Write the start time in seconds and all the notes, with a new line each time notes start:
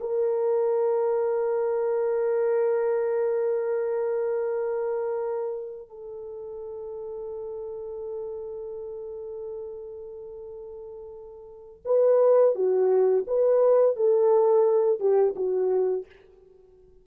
0.00 A#4
5.89 A4
11.85 B4
12.55 F#4
13.27 B4
13.96 A4
15.00 G4
15.36 F#4